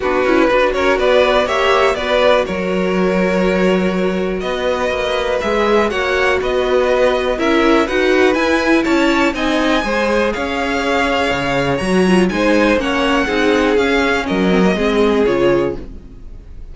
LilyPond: <<
  \new Staff \with { instrumentName = "violin" } { \time 4/4 \tempo 4 = 122 b'4. cis''8 d''4 e''4 | d''4 cis''2.~ | cis''4 dis''2 e''4 | fis''4 dis''2 e''4 |
fis''4 gis''4 a''4 gis''4~ | gis''4 f''2. | ais''4 gis''4 fis''2 | f''4 dis''2 cis''4 | }
  \new Staff \with { instrumentName = "violin" } { \time 4/4 fis'4 b'8 ais'8 b'4 cis''4 | b'4 ais'2.~ | ais'4 b'2. | cis''4 b'2 ais'4 |
b'2 cis''4 dis''4 | c''4 cis''2.~ | cis''4 c''4 cis''4 gis'4~ | gis'4 ais'4 gis'2 | }
  \new Staff \with { instrumentName = "viola" } { \time 4/4 d'8 e'8 fis'2 g'4 | fis'1~ | fis'2. gis'4 | fis'2. e'4 |
fis'4 e'2 dis'4 | gis'1 | fis'8 f'8 dis'4 cis'4 dis'4 | cis'4. c'16 ais16 c'4 f'4 | }
  \new Staff \with { instrumentName = "cello" } { \time 4/4 b8 cis'8 d'8 cis'8 b4 ais4 | b4 fis2.~ | fis4 b4 ais4 gis4 | ais4 b2 cis'4 |
dis'4 e'4 cis'4 c'4 | gis4 cis'2 cis4 | fis4 gis4 ais4 c'4 | cis'4 fis4 gis4 cis4 | }
>>